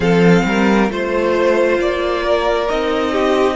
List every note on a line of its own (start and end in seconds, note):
0.00 0.43 F3
0.00 0.89 C4
0.00 0.43 A4
0.00 0.90 F5
0.45 0.89 G3
0.45 0.92 A#4
0.89 1.78 A3
0.89 2.68 F4
0.89 1.80 C5
0.89 2.23 C5
1.79 2.68 A#3
1.79 2.68 D5
2.23 3.12 A#4
2.68 3.56 C4
2.68 3.56 D#4
2.68 3.56 D#5
3.12 3.56 G4